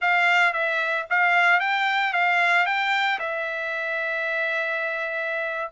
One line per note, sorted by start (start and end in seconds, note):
0.01 0.53 F5
0.53 1.06 E5
1.10 1.60 F5
1.60 2.13 G5
2.13 2.65 F5
2.65 3.19 G5
3.19 5.71 E5